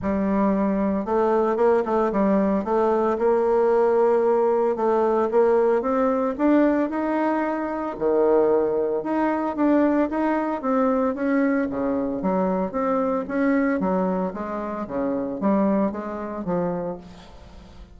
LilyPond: \new Staff \with { instrumentName = "bassoon" } { \time 4/4 \tempo 4 = 113 g2 a4 ais8 a8 | g4 a4 ais2~ | ais4 a4 ais4 c'4 | d'4 dis'2 dis4~ |
dis4 dis'4 d'4 dis'4 | c'4 cis'4 cis4 fis4 | c'4 cis'4 fis4 gis4 | cis4 g4 gis4 f4 | }